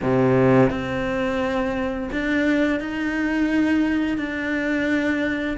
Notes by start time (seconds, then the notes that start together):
0.02 C3
0.70 C4
2.12 D4
2.79 D#4
4.17 D4